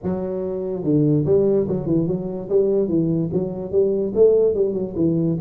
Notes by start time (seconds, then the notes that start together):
0.03 F#3
0.83 D3
1.25 G3
1.68 F#3
1.86 E3
2.07 F#3
2.49 G3
2.88 E3
3.33 F#3
3.71 G3
4.15 A3
4.54 G3
4.73 F#3
4.96 E3